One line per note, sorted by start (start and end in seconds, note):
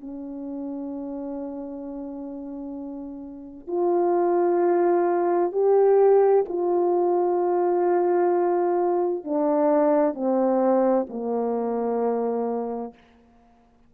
0.00 3.68 C#4
3.68 5.52 F4
5.52 6.44 G4
6.48 9.24 F4
9.24 10.14 D4
10.14 11.06 C4
11.09 12.94 A#3